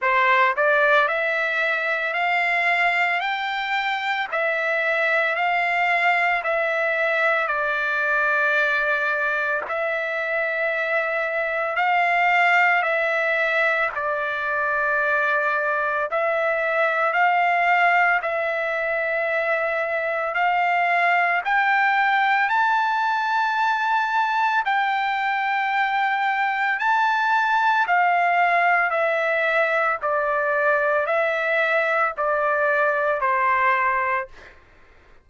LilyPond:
\new Staff \with { instrumentName = "trumpet" } { \time 4/4 \tempo 4 = 56 c''8 d''8 e''4 f''4 g''4 | e''4 f''4 e''4 d''4~ | d''4 e''2 f''4 | e''4 d''2 e''4 |
f''4 e''2 f''4 | g''4 a''2 g''4~ | g''4 a''4 f''4 e''4 | d''4 e''4 d''4 c''4 | }